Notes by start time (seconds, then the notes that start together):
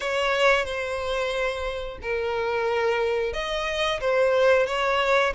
0.00 C#5
0.65 C5
2.02 A#4
3.33 D#5
4.00 C5
4.66 C#5